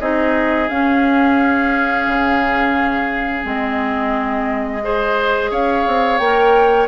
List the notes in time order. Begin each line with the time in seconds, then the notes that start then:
0.00 C4 D#4 G#4 D#5
0.69 C#4 F5
2.07 C#3
3.43 G#3 C4 D#5
4.82 G#4 C5
5.51 C#4 C#5 F5
5.87 C4
6.18 A#3 A#4 G5